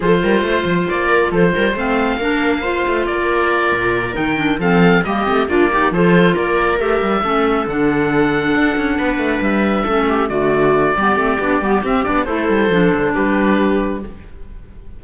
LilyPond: <<
  \new Staff \with { instrumentName = "oboe" } { \time 4/4 \tempo 4 = 137 c''2 d''4 c''4 | f''2. d''4~ | d''4. g''4 f''4 dis''8~ | dis''8 d''4 c''4 d''4 e''8~ |
e''4. fis''2~ fis''8~ | fis''4. e''2 d''8~ | d''2. e''8 d''8 | c''2 b'2 | }
  \new Staff \with { instrumentName = "viola" } { \time 4/4 a'8 ais'8 c''4. ais'8 a'8 ais'8 | c''4 ais'4 c''4 ais'4~ | ais'2~ ais'8 a'4 g'8~ | g'8 f'8 g'8 a'4 ais'4.~ |
ais'8 a'2.~ a'8~ | a'8 b'2 a'8 g'8 fis'8~ | fis'4 g'2. | a'2 g'2 | }
  \new Staff \with { instrumentName = "clarinet" } { \time 4/4 f'1 | c'4 d'4 f'2~ | f'4. dis'8 d'8 c'4 ais8 | c'8 d'8 dis'8 f'2 g'8~ |
g'8 cis'4 d'2~ d'8~ | d'2~ d'8 cis'4 a8~ | a4 b8 c'8 d'8 b8 c'8 d'8 | e'4 d'2. | }
  \new Staff \with { instrumentName = "cello" } { \time 4/4 f8 g8 a8 f8 ais4 f8 g8 | a4 ais4. a8 ais4~ | ais8 ais,4 dis4 f4 g8 | a8 ais4 f4 ais4 a8 |
g8 a4 d2 d'8 | cis'8 b8 a8 g4 a4 d8~ | d4 g8 a8 b8 g8 c'8 b8 | a8 g8 f8 d8 g2 | }
>>